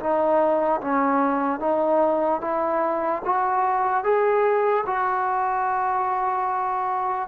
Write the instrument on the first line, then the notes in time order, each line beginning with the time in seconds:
trombone
0.00 D#4
0.81 C#4
1.60 D#4
2.41 E4
3.25 F#4
4.04 G#4
4.86 F#4